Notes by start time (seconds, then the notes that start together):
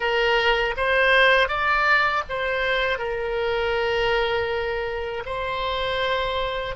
0.00 A#4
0.77 C5
1.48 D5
2.29 C5
2.98 A#4
5.25 C5